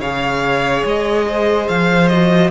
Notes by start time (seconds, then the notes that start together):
0.00 C#3 G#4 C#5 F5
0.85 G#3 D#5
1.27 C5
1.68 F3 F5
2.08 F#4 D#5